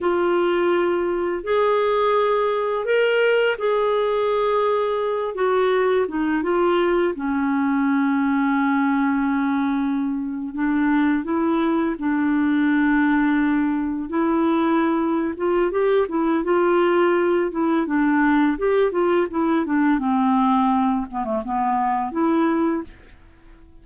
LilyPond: \new Staff \with { instrumentName = "clarinet" } { \time 4/4 \tempo 4 = 84 f'2 gis'2 | ais'4 gis'2~ gis'8 fis'8~ | fis'8 dis'8 f'4 cis'2~ | cis'2~ cis'8. d'4 e'16~ |
e'8. d'2. e'16~ | e'4. f'8 g'8 e'8 f'4~ | f'8 e'8 d'4 g'8 f'8 e'8 d'8 | c'4. b16 a16 b4 e'4 | }